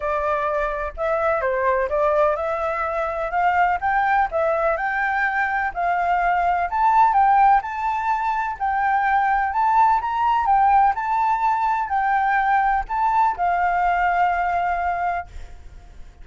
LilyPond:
\new Staff \with { instrumentName = "flute" } { \time 4/4 \tempo 4 = 126 d''2 e''4 c''4 | d''4 e''2 f''4 | g''4 e''4 g''2 | f''2 a''4 g''4 |
a''2 g''2 | a''4 ais''4 g''4 a''4~ | a''4 g''2 a''4 | f''1 | }